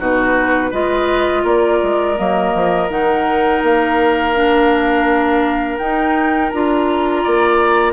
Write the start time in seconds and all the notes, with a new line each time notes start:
0.00 B2 D#4 F#4 B4
0.71 G#3 F4 B4 D#5
1.44 A#3 A#4 D5
1.83 G#3
2.16 F#3 A#3 D#5
2.55 F3
2.89 D#3 D#4 F#5
3.63 A#3 F5
4.35 D4
5.78 D#4 G5
6.50 D4 F4 A#5
7.24 A#3 D5